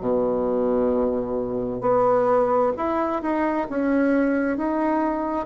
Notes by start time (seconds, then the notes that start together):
0.00 B2
1.81 B3
2.77 E4
3.22 D#4
3.69 C#4
4.57 D#4